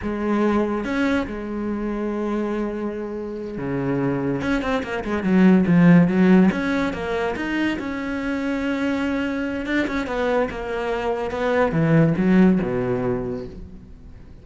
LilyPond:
\new Staff \with { instrumentName = "cello" } { \time 4/4 \tempo 4 = 143 gis2 cis'4 gis4~ | gis1~ | gis8 cis2 cis'8 c'8 ais8 | gis8 fis4 f4 fis4 cis'8~ |
cis'8 ais4 dis'4 cis'4.~ | cis'2. d'8 cis'8 | b4 ais2 b4 | e4 fis4 b,2 | }